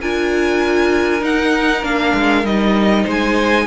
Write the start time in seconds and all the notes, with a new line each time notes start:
0.00 D4 F4 A#4 G#5
1.20 D#4 F#5
1.83 A#3 D4 F5
2.14 G#3
2.43 G3 D#4 D#5
3.03 G#3 C5
3.10 G#5